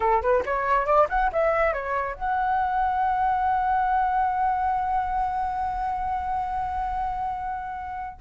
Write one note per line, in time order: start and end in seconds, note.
0.00 0.21 A4
0.21 0.43 B4
0.45 0.86 C#5
0.86 1.07 D5
1.09 1.31 F#5
1.32 1.73 E5
1.73 2.14 C#5
2.14 8.19 F#5